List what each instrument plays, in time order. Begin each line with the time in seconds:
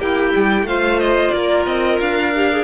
0.00 cello A#3, clarinet E4, violin G4 G5
0.36 cello G3
0.63 cello A3, clarinet F4, violin C5 F5
1.00 violin D#5
1.31 cello A#3, violin A#4 D5
1.67 cello C4, violin D#5
2.00 cello D4, violin F5
2.36 clarinet G4
2.52 clarinet G#4